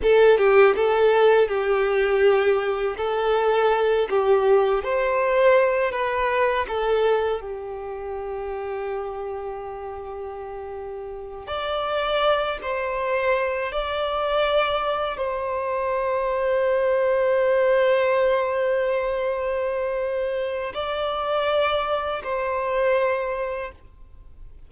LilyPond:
\new Staff \with { instrumentName = "violin" } { \time 4/4 \tempo 4 = 81 a'8 g'8 a'4 g'2 | a'4. g'4 c''4. | b'4 a'4 g'2~ | g'2.~ g'8 d''8~ |
d''4 c''4. d''4.~ | d''8 c''2.~ c''8~ | c''1 | d''2 c''2 | }